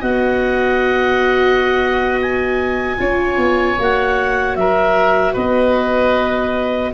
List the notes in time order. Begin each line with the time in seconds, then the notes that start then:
0.00 B3 F#4 D#5 F#5
2.22 G#5
2.98 C#4 F4 C#5
3.37 B3
3.79 A#3 F#4 F#5
4.56 F#3 A#4 E5
5.33 B3 B4 D#5